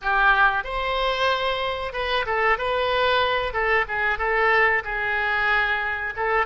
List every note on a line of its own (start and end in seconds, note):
0.01 0.64 G4
0.64 1.92 C5
1.92 2.25 B4
2.26 2.57 A4
2.57 3.53 B4
3.53 3.85 A4
3.88 4.18 G#4
4.18 4.82 A4
4.84 6.13 G#4
6.16 6.45 A4